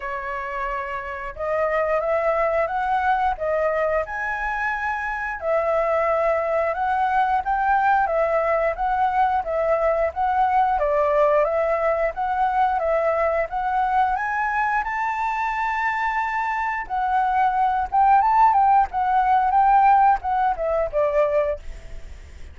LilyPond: \new Staff \with { instrumentName = "flute" } { \time 4/4 \tempo 4 = 89 cis''2 dis''4 e''4 | fis''4 dis''4 gis''2 | e''2 fis''4 g''4 | e''4 fis''4 e''4 fis''4 |
d''4 e''4 fis''4 e''4 | fis''4 gis''4 a''2~ | a''4 fis''4. g''8 a''8 g''8 | fis''4 g''4 fis''8 e''8 d''4 | }